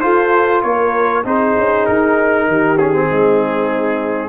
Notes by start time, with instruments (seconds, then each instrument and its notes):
0.00 trombone F4, tuba F4, horn A4, trumpet C5
0.62 tuba A#3, horn A#4, trumpet C#5
1.24 tuba C4, trombone D#4, horn G#4, trumpet C5
1.57 tuba C#4
1.86 tuba D#4, trumpet A#4
2.47 tuba D#3, horn G4
2.77 trombone C#4, trumpet G#4
2.93 trombone C4
3.07 tuba G#3, horn D#4